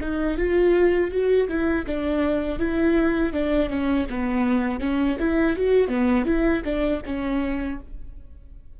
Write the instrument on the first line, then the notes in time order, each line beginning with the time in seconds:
viola
0.00 D#4
0.37 F4
1.11 F#4
1.48 E4
1.86 D4
2.59 E4
3.32 D4
3.69 C#4
4.09 B3
4.80 C#4
5.19 E4
5.56 F#4
5.88 B3
6.25 E4
6.64 D4
7.05 C#4